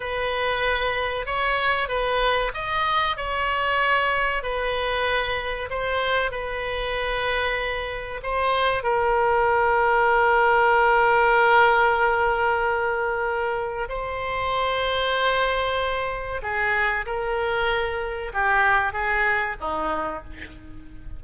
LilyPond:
\new Staff \with { instrumentName = "oboe" } { \time 4/4 \tempo 4 = 95 b'2 cis''4 b'4 | dis''4 cis''2 b'4~ | b'4 c''4 b'2~ | b'4 c''4 ais'2~ |
ais'1~ | ais'2 c''2~ | c''2 gis'4 ais'4~ | ais'4 g'4 gis'4 dis'4 | }